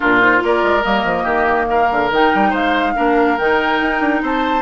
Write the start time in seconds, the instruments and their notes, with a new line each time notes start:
0.00 bassoon A#2, clarinet D4, oboe F4, flute A#4
0.20 clarinet D#4, flute C5
0.37 bassoon A#3, clarinet F4
0.44 oboe A#4, flute D5
0.63 bassoon G#3
0.83 bassoon G3, clarinet A#3, flute D#5
1.04 bassoon F3
1.23 bassoon D#3, oboe G4
1.68 oboe A#4, flute F5
1.91 bassoon D3
2.11 bassoon D#3, clarinet D#4, flute G5
2.34 bassoon G3
2.50 bassoon G#3, oboe C5, flute F5
2.95 bassoon A#3, clarinet D4, oboe A#4
3.37 bassoon D#3, clarinet D#4, flute G5
3.81 bassoon D#4
4.00 bassoon D4
4.22 bassoon C4, oboe C5, flute A5